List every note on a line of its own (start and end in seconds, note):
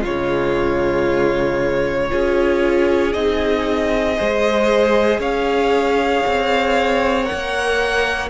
0.00 2.11 C#3
0.00 2.09 G#3
0.00 2.07 F4
0.00 3.13 C#5
2.09 3.14 C#4
2.09 3.13 F4
2.09 4.17 G#4
3.13 4.18 C4
3.13 4.16 D#4
3.13 5.20 D#5
4.16 5.19 G#3
4.16 7.23 G#4
4.16 5.19 C5
5.19 6.22 C#4
5.19 8.30 C#5
5.19 7.25 F5
6.26 7.29 C4
7.23 8.27 A#4
7.23 8.28 F#5
7.32 8.30 A#3